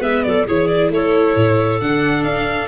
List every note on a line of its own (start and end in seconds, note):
0.00 0.22 G#3
0.00 0.45 B3
0.00 0.22 B4
0.00 0.23 E5
0.23 0.47 F#3
0.23 0.46 A4
0.23 0.45 D5
0.46 0.90 E3
0.46 1.81 E4
0.46 0.91 G#4
0.46 0.67 C#5
0.67 0.90 D5
0.90 1.34 A3
0.90 2.68 A4
0.90 1.80 C#5
1.35 1.79 A2
1.80 2.23 D3
1.80 2.68 D4
1.80 2.23 F#5
2.23 2.67 D4
2.23 2.67 F5